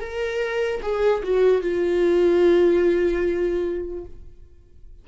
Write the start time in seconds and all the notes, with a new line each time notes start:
0.00 A#4
0.82 G#4
1.23 F#4
1.61 F4